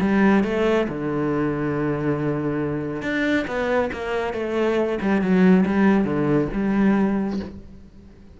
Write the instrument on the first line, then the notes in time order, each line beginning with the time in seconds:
cello
0.00 G3
0.43 A3
0.88 D3
3.02 D4
3.47 B3
3.92 A#3
4.33 A3
5.01 G3
5.21 F#3
5.66 G3
6.04 D3
6.53 G3